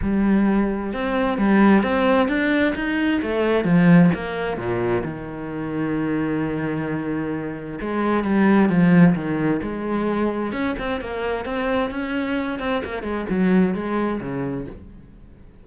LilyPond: \new Staff \with { instrumentName = "cello" } { \time 4/4 \tempo 4 = 131 g2 c'4 g4 | c'4 d'4 dis'4 a4 | f4 ais4 ais,4 dis4~ | dis1~ |
dis4 gis4 g4 f4 | dis4 gis2 cis'8 c'8 | ais4 c'4 cis'4. c'8 | ais8 gis8 fis4 gis4 cis4 | }